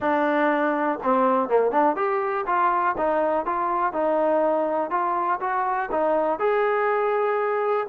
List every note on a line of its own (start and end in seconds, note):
0.00 0.99 D4
1.03 1.48 C4
1.48 1.71 A#3
1.71 1.95 D4
1.95 2.45 G4
2.46 2.95 F4
2.97 3.45 D#4
3.45 3.92 F4
3.92 4.90 D#4
4.90 5.39 F4
5.40 5.89 F#4
5.91 6.39 D#4
6.39 7.86 G#4